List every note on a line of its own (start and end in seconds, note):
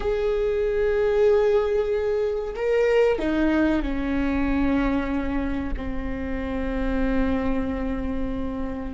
0.00 2.54 G#4
2.55 3.18 A#4
3.18 3.82 D#4
3.82 5.74 C#4
5.76 8.94 C4